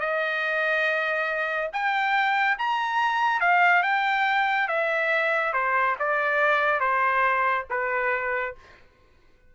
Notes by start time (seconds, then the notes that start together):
0.00 D#5
1.73 G5
2.58 A#5
3.40 F5
3.83 G5
4.68 E5
5.53 C5
5.99 D5
6.80 C5
7.70 B4